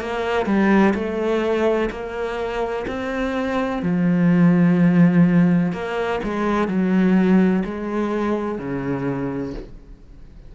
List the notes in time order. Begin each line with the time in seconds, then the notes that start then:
0.00 A#3
0.46 G3
0.94 A3
1.90 A#3
2.87 C4
3.82 F3
5.72 A#3
6.23 G#3
6.68 F#3
7.65 G#3
8.58 C#3